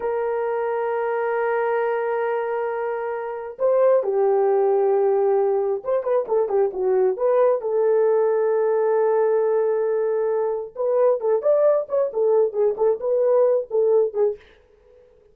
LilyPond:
\new Staff \with { instrumentName = "horn" } { \time 4/4 \tempo 4 = 134 ais'1~ | ais'1 | c''4 g'2.~ | g'4 c''8 b'8 a'8 g'8 fis'4 |
b'4 a'2.~ | a'1 | b'4 a'8 d''4 cis''8 a'4 | gis'8 a'8 b'4. a'4 gis'8 | }